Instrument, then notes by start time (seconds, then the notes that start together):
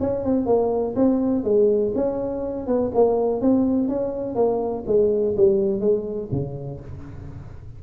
tuba
0.00 C#4
0.24 C4
0.46 A#3
0.96 C4
1.44 G#3
1.95 C#4
2.67 B3
2.94 A#3
3.41 C4
3.88 C#4
4.35 A#3
4.87 G#3
5.37 G3
5.80 G#3
6.31 C#3